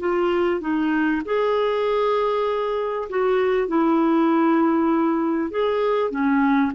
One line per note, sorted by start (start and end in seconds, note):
0.00 0.61 F4
0.61 1.22 D#4
1.25 3.09 G#4
3.10 3.68 F#4
3.68 5.50 E4
5.50 6.11 G#4
6.11 6.72 C#4